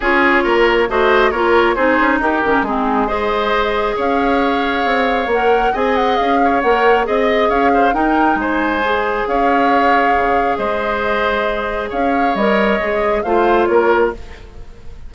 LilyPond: <<
  \new Staff \with { instrumentName = "flute" } { \time 4/4 \tempo 4 = 136 cis''2 dis''4 cis''4 | c''4 ais'4 gis'4 dis''4~ | dis''4 f''2. | fis''4 gis''8 fis''8 f''4 fis''4 |
dis''4 f''4 g''4 gis''4~ | gis''4 f''2. | dis''2. f''4 | dis''2 f''4 cis''4 | }
  \new Staff \with { instrumentName = "oboe" } { \time 4/4 gis'4 ais'4 c''4 ais'4 | gis'4 g'4 dis'4 c''4~ | c''4 cis''2.~ | cis''4 dis''4. cis''4. |
dis''4 cis''8 c''8 ais'4 c''4~ | c''4 cis''2. | c''2. cis''4~ | cis''2 c''4 ais'4 | }
  \new Staff \with { instrumentName = "clarinet" } { \time 4/4 f'2 fis'4 f'4 | dis'4. cis'8 c'4 gis'4~ | gis'1 | ais'4 gis'2 ais'4 |
gis'2 dis'2 | gis'1~ | gis'1 | ais'4 gis'4 f'2 | }
  \new Staff \with { instrumentName = "bassoon" } { \time 4/4 cis'4 ais4 a4 ais4 | c'8 cis'8 dis'8 dis8 gis2~ | gis4 cis'2 c'4 | ais4 c'4 cis'4 ais4 |
c'4 cis'4 dis'4 gis4~ | gis4 cis'2 cis4 | gis2. cis'4 | g4 gis4 a4 ais4 | }
>>